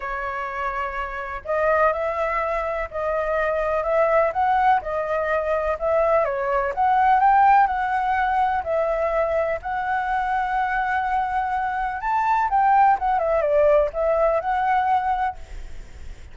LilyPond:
\new Staff \with { instrumentName = "flute" } { \time 4/4 \tempo 4 = 125 cis''2. dis''4 | e''2 dis''2 | e''4 fis''4 dis''2 | e''4 cis''4 fis''4 g''4 |
fis''2 e''2 | fis''1~ | fis''4 a''4 g''4 fis''8 e''8 | d''4 e''4 fis''2 | }